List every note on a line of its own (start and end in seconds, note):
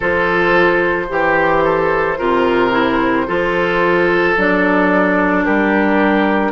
0.00 1.09 F3
0.00 1.08 F4
0.00 1.05 A4
0.00 4.37 C5
1.08 2.18 E3
1.08 2.17 G4
1.08 1.63 G4
1.63 2.18 A4
2.18 3.27 C3
2.18 2.71 F4
2.18 3.27 A#4
2.71 3.25 E4
3.26 4.37 F3
3.26 4.35 F4
3.26 5.45 A4
4.37 5.46 F#3
4.37 6.52 D4
4.37 5.44 D5
5.44 6.52 G3
5.44 6.52 G4
5.44 6.52 A#4